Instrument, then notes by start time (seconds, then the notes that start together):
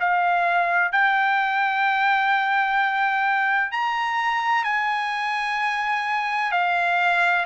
trumpet
0.00 F5
0.92 G5
3.72 A#5
4.64 G#5
6.52 F5